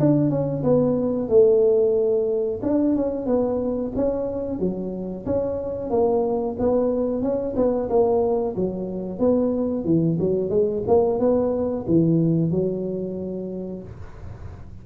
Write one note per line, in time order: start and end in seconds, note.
0.00 0.31 D4
0.31 0.64 C#4
0.64 1.29 B3
1.29 2.61 A3
2.63 2.96 D4
2.96 3.27 C#4
3.27 3.93 B3
3.96 4.60 C#4
4.60 5.26 F#3
5.26 5.91 C#4
5.91 6.57 A#3
6.60 7.23 B3
7.23 7.56 C#4
7.56 7.89 B3
7.90 8.56 A#3
8.56 9.19 F#3
9.19 9.85 B3
9.85 10.18 E3
10.20 10.50 F#3
10.50 10.83 G#3
10.88 11.20 A#3
11.20 11.86 B3
11.88 12.52 E3
12.52 13.83 F#3